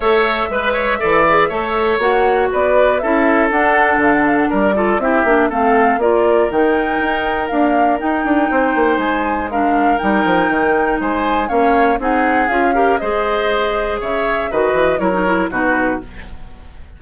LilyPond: <<
  \new Staff \with { instrumentName = "flute" } { \time 4/4 \tempo 4 = 120 e''1 | fis''4 d''4 e''4 fis''4 | f''16 fis''16 f''16 fis''16 d''4 e''4 f''4 | d''4 g''2 f''4 |
g''2 gis''4 f''4 | g''2 gis''4 f''4 | fis''4 f''4 dis''2 | e''4 dis''4 cis''4 b'4 | }
  \new Staff \with { instrumentName = "oboe" } { \time 4/4 cis''4 b'8 cis''8 d''4 cis''4~ | cis''4 b'4 a'2~ | a'4 ais'8 a'8 g'4 a'4 | ais'1~ |
ais'4 c''2 ais'4~ | ais'2 c''4 cis''4 | gis'4. ais'8 c''2 | cis''4 b'4 ais'4 fis'4 | }
  \new Staff \with { instrumentName = "clarinet" } { \time 4/4 a'4 b'4 a'8 gis'8 a'4 | fis'2 e'4 d'4~ | d'4. f'8 e'8 d'8 c'4 | f'4 dis'2 ais4 |
dis'2. d'4 | dis'2. cis'4 | dis'4 f'8 g'8 gis'2~ | gis'4 fis'4 e'16 dis'16 e'8 dis'4 | }
  \new Staff \with { instrumentName = "bassoon" } { \time 4/4 a4 gis4 e4 a4 | ais4 b4 cis'4 d'4 | d4 g4 c'8 ais8 a4 | ais4 dis4 dis'4 d'4 |
dis'8 d'8 c'8 ais8 gis2 | g8 f8 dis4 gis4 ais4 | c'4 cis'4 gis2 | cis4 dis8 e8 fis4 b,4 | }
>>